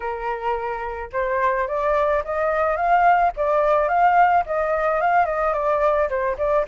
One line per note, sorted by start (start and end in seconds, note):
0.00 1.10 A#4
1.12 1.67 C5
1.67 2.23 D5
2.24 2.76 D#5
2.76 3.31 F5
3.36 3.88 D5
3.88 4.43 F5
4.46 5.01 D#5
5.01 5.25 F5
5.25 5.53 D#5
5.53 6.08 D5
6.09 6.37 C5
6.37 6.65 D5